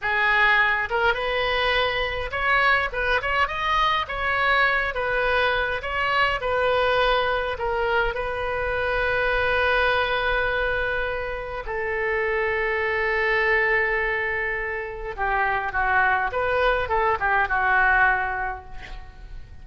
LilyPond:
\new Staff \with { instrumentName = "oboe" } { \time 4/4 \tempo 4 = 103 gis'4. ais'8 b'2 | cis''4 b'8 cis''8 dis''4 cis''4~ | cis''8 b'4. cis''4 b'4~ | b'4 ais'4 b'2~ |
b'1 | a'1~ | a'2 g'4 fis'4 | b'4 a'8 g'8 fis'2 | }